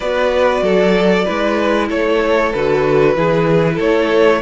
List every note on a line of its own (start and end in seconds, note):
0.00 0.62 B3
0.00 1.25 F#4
0.00 0.63 B4
0.00 1.87 D5
0.62 1.25 F#3
0.62 1.24 A4
1.24 1.90 G#3
1.24 2.52 E4
1.24 1.88 B4
1.88 2.53 A3
1.88 3.14 A4
1.88 2.52 C#5
2.52 3.15 D3
2.52 3.16 F#4
2.52 3.79 B4
3.15 3.78 E3
3.15 4.42 E4
3.15 3.74 G#4
3.74 4.42 A3
3.74 4.38 A4
3.74 4.42 C#5